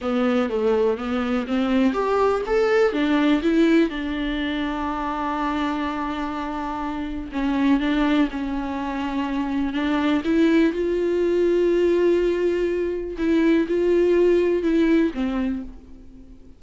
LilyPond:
\new Staff \with { instrumentName = "viola" } { \time 4/4 \tempo 4 = 123 b4 a4 b4 c'4 | g'4 a'4 d'4 e'4 | d'1~ | d'2. cis'4 |
d'4 cis'2. | d'4 e'4 f'2~ | f'2. e'4 | f'2 e'4 c'4 | }